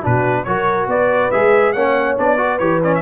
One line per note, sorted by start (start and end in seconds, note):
0.00 0.47 B2
0.00 0.46 D4
0.00 0.43 F#4
0.00 0.44 B4
0.44 0.87 F#3
0.44 1.32 F#4
0.44 0.89 A#4
0.44 0.87 C#5
0.87 1.30 B3
0.87 1.74 B4
0.87 1.31 D5
1.31 1.75 G#3
1.31 1.75 G#4
1.31 1.73 E5
1.73 2.18 A#3
1.73 2.17 C#4
1.73 2.38 C#5
1.73 2.16 F#5
2.17 2.60 B3
2.17 2.38 D4
2.17 2.59 D5
2.38 2.59 F#4
2.38 3.02 B4
2.59 3.02 E3
2.59 2.82 G4
2.59 2.80 C#5
2.83 3.02 C#4
2.83 2.94 D5
2.95 3.02 E5